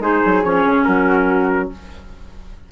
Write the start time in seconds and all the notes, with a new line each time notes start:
0.00 G#3 D#4 G#4 C5
0.26 F#3
0.44 F3 C#4 C#5
0.65 C#3
0.85 F#3 F#4 A#4